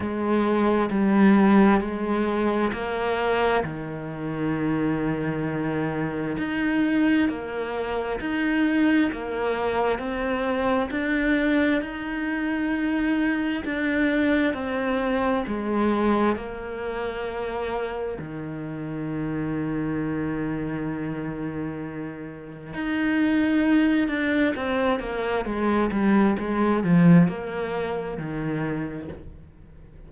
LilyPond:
\new Staff \with { instrumentName = "cello" } { \time 4/4 \tempo 4 = 66 gis4 g4 gis4 ais4 | dis2. dis'4 | ais4 dis'4 ais4 c'4 | d'4 dis'2 d'4 |
c'4 gis4 ais2 | dis1~ | dis4 dis'4. d'8 c'8 ais8 | gis8 g8 gis8 f8 ais4 dis4 | }